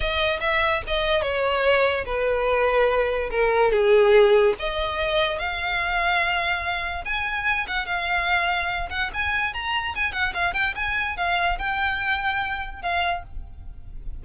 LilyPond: \new Staff \with { instrumentName = "violin" } { \time 4/4 \tempo 4 = 145 dis''4 e''4 dis''4 cis''4~ | cis''4 b'2. | ais'4 gis'2 dis''4~ | dis''4 f''2.~ |
f''4 gis''4. fis''8 f''4~ | f''4. fis''8 gis''4 ais''4 | gis''8 fis''8 f''8 g''8 gis''4 f''4 | g''2. f''4 | }